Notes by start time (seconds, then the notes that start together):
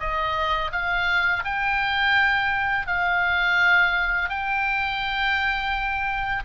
0.00 D#5
0.72 F5
1.45 G5
2.87 F5
4.30 G5